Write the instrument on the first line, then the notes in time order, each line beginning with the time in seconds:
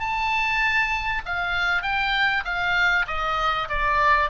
oboe
0.00 A5
1.26 F5
1.83 G5
2.45 F5
3.07 D#5
3.69 D5